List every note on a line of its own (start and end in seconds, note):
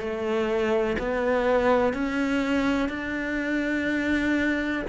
0.00 0.97 A3
0.99 1.94 B3
1.94 2.89 C#4
2.89 4.83 D4